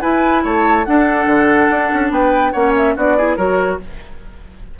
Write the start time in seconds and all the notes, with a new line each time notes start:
0.00 E4 B4 G#5
0.43 A3 C#5 A5
0.84 D4 A4 F#5
1.26 D3
1.70 D4
1.93 C#4
2.10 B3 B4 G5
2.51 A#3 C#4 C#5 F#5
2.76 E5
2.95 B3 D4 F#4 D5
3.17 E4 G#4
3.36 F#3 F#4 A#4 C#5